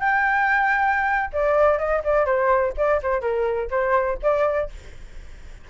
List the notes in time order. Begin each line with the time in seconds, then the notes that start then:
0.00 G5
1.33 D5
1.79 D#5
2.04 D5
2.26 C5
2.77 D5
3.02 C5
3.21 A#4
3.70 C5
4.23 D5